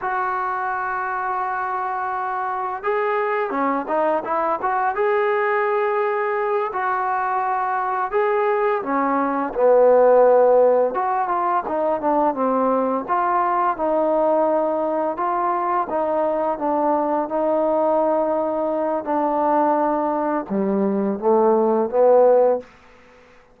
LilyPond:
\new Staff \with { instrumentName = "trombone" } { \time 4/4 \tempo 4 = 85 fis'1 | gis'4 cis'8 dis'8 e'8 fis'8 gis'4~ | gis'4. fis'2 gis'8~ | gis'8 cis'4 b2 fis'8 |
f'8 dis'8 d'8 c'4 f'4 dis'8~ | dis'4. f'4 dis'4 d'8~ | d'8 dis'2~ dis'8 d'4~ | d'4 g4 a4 b4 | }